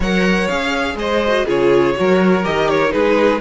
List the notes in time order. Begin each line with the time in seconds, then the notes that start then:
0.00 F#3 A#4 C#5 F#5
0.47 C#4 G#4 F5
0.95 G#3 C5 D#5
1.27 F#4
1.45 C#3 F4 G#4 C#5
1.95 F#3 F#4 A#4
2.43 D#3 G4 D#5
2.68 C#5
2.88 G#3 D#4 G#4 B4